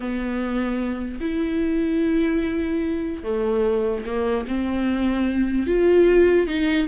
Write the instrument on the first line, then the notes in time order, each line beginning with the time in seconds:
viola
0.00 B3
1.20 E4
3.23 A3
4.05 A#3
4.47 C4
5.66 F4
6.47 D#4